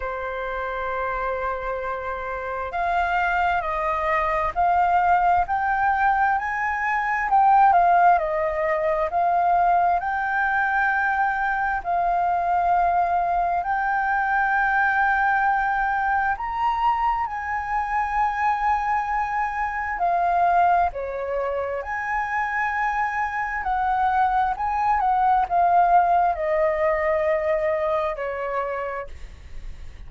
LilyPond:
\new Staff \with { instrumentName = "flute" } { \time 4/4 \tempo 4 = 66 c''2. f''4 | dis''4 f''4 g''4 gis''4 | g''8 f''8 dis''4 f''4 g''4~ | g''4 f''2 g''4~ |
g''2 ais''4 gis''4~ | gis''2 f''4 cis''4 | gis''2 fis''4 gis''8 fis''8 | f''4 dis''2 cis''4 | }